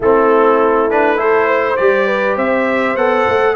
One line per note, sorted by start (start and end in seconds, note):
0.00 1.77 A3
0.00 0.90 C4
0.00 1.18 E4
0.00 0.90 A4
0.90 1.17 D4
0.90 1.19 B4
1.17 1.76 E4
1.17 1.46 A4
1.17 1.76 C5
1.46 2.06 C5
1.76 2.37 G3
1.76 2.96 G4
1.76 2.35 D5
2.06 2.35 B4
2.35 2.95 C4
2.35 3.54 C5
2.35 2.96 E5
2.95 3.25 B3
2.95 3.55 A4
2.95 3.55 F#5
3.28 3.55 A3